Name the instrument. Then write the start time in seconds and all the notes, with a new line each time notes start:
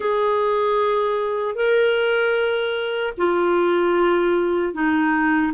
clarinet
0.00 G#4
1.55 A#4
3.17 F4
4.73 D#4